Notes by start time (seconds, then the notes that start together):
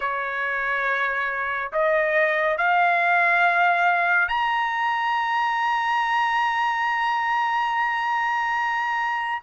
0.00 C#5
1.72 D#5
2.57 F5
4.28 A#5